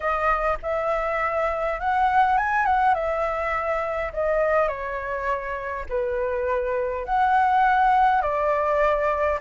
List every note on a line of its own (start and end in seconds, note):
0.00 0.57 D#5
0.62 1.80 E5
1.80 2.37 F#5
2.37 2.65 G#5
2.65 2.94 F#5
2.94 4.12 E5
4.13 4.67 D#5
4.67 5.85 C#5
5.89 7.05 B4
7.05 8.21 F#5
8.21 9.39 D5